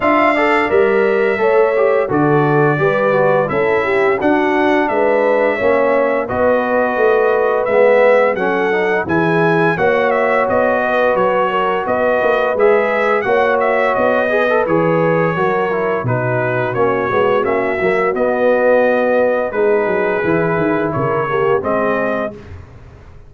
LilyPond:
<<
  \new Staff \with { instrumentName = "trumpet" } { \time 4/4 \tempo 4 = 86 f''4 e''2 d''4~ | d''4 e''4 fis''4 e''4~ | e''4 dis''2 e''4 | fis''4 gis''4 fis''8 e''8 dis''4 |
cis''4 dis''4 e''4 fis''8 e''8 | dis''4 cis''2 b'4 | cis''4 e''4 dis''2 | b'2 cis''4 dis''4 | }
  \new Staff \with { instrumentName = "horn" } { \time 4/4 e''8 d''4. cis''4 a'4 | b'4 a'8 g'8 fis'4 b'4 | cis''4 b'2. | a'4 gis'4 cis''4. b'8~ |
b'8 ais'8 b'2 cis''4~ | cis''8 b'4. ais'4 fis'4~ | fis'1 | gis'2 ais'8 g'8 gis'4 | }
  \new Staff \with { instrumentName = "trombone" } { \time 4/4 f'8 a'8 ais'4 a'8 g'8 fis'4 | g'8 fis'8 e'4 d'2 | cis'4 fis'2 b4 | cis'8 dis'8 e'4 fis'2~ |
fis'2 gis'4 fis'4~ | fis'8 gis'16 a'16 gis'4 fis'8 e'8 dis'4 | cis'8 b8 cis'8 ais8 b2 | dis'4 e'4. ais8 c'4 | }
  \new Staff \with { instrumentName = "tuba" } { \time 4/4 d'4 g4 a4 d4 | g4 cis'4 d'4 gis4 | ais4 b4 a4 gis4 | fis4 e4 ais4 b4 |
fis4 b8 ais8 gis4 ais4 | b4 e4 fis4 b,4 | ais8 gis8 ais8 fis8 b2 | gis8 fis8 e8 dis8 cis4 gis4 | }
>>